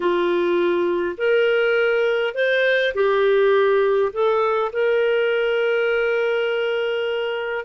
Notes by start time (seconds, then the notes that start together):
0.00 F4
1.17 A#4
2.34 C5
2.94 G4
4.13 A4
4.72 A#4